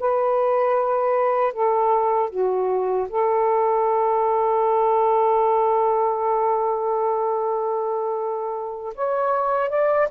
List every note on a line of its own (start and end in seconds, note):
0.00 1.53 B4
1.53 2.30 A4
2.30 3.08 F#4
3.10 8.94 A4
8.95 9.70 C#5
9.70 10.09 D5